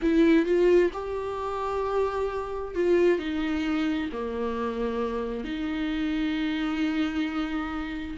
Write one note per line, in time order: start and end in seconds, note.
0.02 0.45 E4
0.45 0.91 F4
0.93 2.74 G4
2.74 3.18 F4
3.18 4.09 D#4
4.12 5.44 A#3
5.44 8.17 D#4